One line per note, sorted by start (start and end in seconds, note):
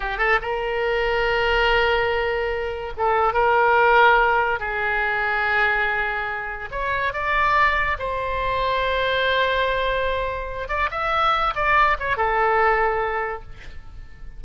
0.00 0.18 G4
0.18 0.39 A4
0.41 2.93 A#4
2.97 3.33 A4
3.33 4.59 A#4
4.59 6.69 G#4
6.71 7.13 C#5
7.13 7.97 D5
7.98 10.68 C5
10.68 10.89 D5
10.91 11.53 E5
11.55 11.97 D5
11.99 12.16 C#5
12.16 13.42 A4